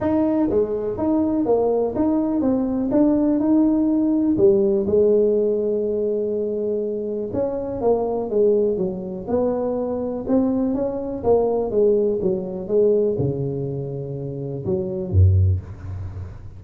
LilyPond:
\new Staff \with { instrumentName = "tuba" } { \time 4/4 \tempo 4 = 123 dis'4 gis4 dis'4 ais4 | dis'4 c'4 d'4 dis'4~ | dis'4 g4 gis2~ | gis2. cis'4 |
ais4 gis4 fis4 b4~ | b4 c'4 cis'4 ais4 | gis4 fis4 gis4 cis4~ | cis2 fis4 fis,4 | }